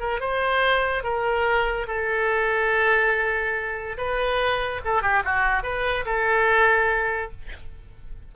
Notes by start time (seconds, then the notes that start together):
0.00 A#4
0.20 C5
1.04 A#4
1.87 A4
3.97 B4
4.85 A4
5.02 G4
5.25 F#4
5.63 B4
6.06 A4